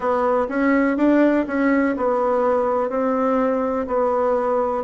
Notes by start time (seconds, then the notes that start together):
0.00 B3
0.48 C#4
0.97 D4
1.47 C#4
1.96 B3
2.89 C4
3.87 B3